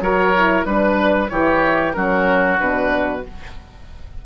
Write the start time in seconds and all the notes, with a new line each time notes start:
0.00 F#3 F#4 A#4 C#5
0.36 E4
0.65 G3 D4 B4
1.29 E3 E4 G4 C#5
1.93 F#3 C#4 F#4 A#4
2.58 B2 D4 B4